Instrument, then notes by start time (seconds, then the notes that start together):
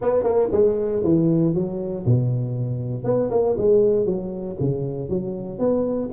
tuba
0.01 B3
0.23 A#3
0.52 G#3
1.03 E3
1.54 F#3
2.05 B2
3.04 B3
3.30 A#3
3.57 G#3
4.05 F#3
4.59 C#3
5.09 F#3
5.58 B3